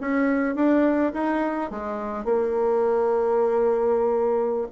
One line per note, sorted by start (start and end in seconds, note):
0.00 0.55 C#4
0.55 1.12 D4
1.13 1.70 D#4
1.70 2.24 G#3
2.24 4.67 A#3